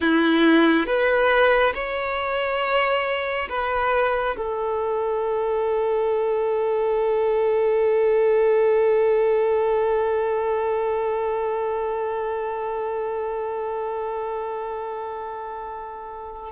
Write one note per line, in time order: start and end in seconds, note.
0.00 0.86 E4
0.86 1.73 B4
1.74 3.48 C#5
3.49 4.36 B4
4.36 16.52 A4